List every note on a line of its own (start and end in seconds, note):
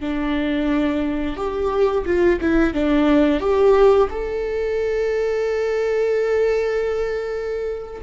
0.00 1.36 D4
1.36 2.04 G4
2.05 2.39 F4
2.40 2.73 E4
2.73 3.40 D4
3.40 4.08 G4
4.10 8.02 A4